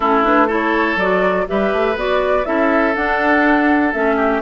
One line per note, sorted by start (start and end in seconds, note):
0.00 0.96 A3
0.00 0.23 C#4
0.00 0.47 E4
0.00 0.24 A4
0.23 0.48 D4
0.23 0.50 B4
0.47 0.97 E4
0.47 1.45 A4
0.47 0.98 C#5
0.96 1.45 F#3
0.96 1.46 F#4
0.96 1.47 D5
1.46 1.73 G3
1.46 1.95 G4
1.46 2.47 B4
1.46 1.98 E5
1.73 1.95 A3
1.95 2.45 B3
1.95 2.44 F#4
1.95 2.45 D5
2.44 2.95 C#4
2.44 2.93 E4
2.44 4.16 A4
2.44 2.94 E5
2.95 3.94 D4
2.95 3.93 D4
2.95 3.93 F#5
3.93 4.41 A3
3.93 4.41 C#4
3.93 4.41 E5
4.16 4.41 G4